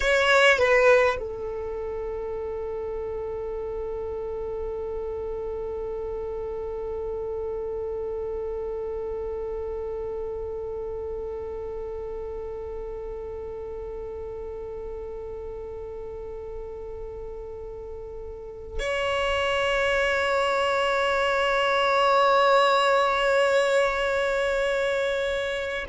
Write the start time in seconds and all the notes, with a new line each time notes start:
0.00 C#5
0.58 B4
1.19 A4
18.79 C#5